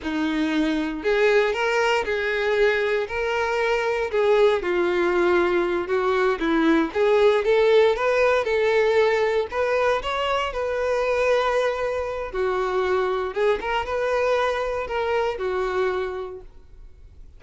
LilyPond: \new Staff \with { instrumentName = "violin" } { \time 4/4 \tempo 4 = 117 dis'2 gis'4 ais'4 | gis'2 ais'2 | gis'4 f'2~ f'8 fis'8~ | fis'8 e'4 gis'4 a'4 b'8~ |
b'8 a'2 b'4 cis''8~ | cis''8 b'2.~ b'8 | fis'2 gis'8 ais'8 b'4~ | b'4 ais'4 fis'2 | }